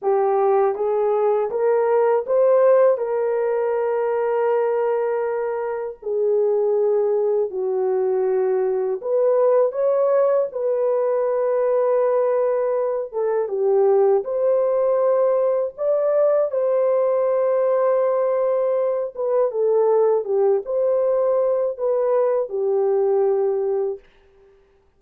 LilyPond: \new Staff \with { instrumentName = "horn" } { \time 4/4 \tempo 4 = 80 g'4 gis'4 ais'4 c''4 | ais'1 | gis'2 fis'2 | b'4 cis''4 b'2~ |
b'4. a'8 g'4 c''4~ | c''4 d''4 c''2~ | c''4. b'8 a'4 g'8 c''8~ | c''4 b'4 g'2 | }